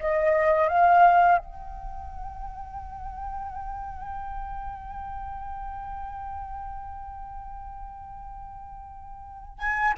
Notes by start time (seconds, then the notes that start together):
0.00 D#5
0.69 F5
1.38 G5
9.58 G#5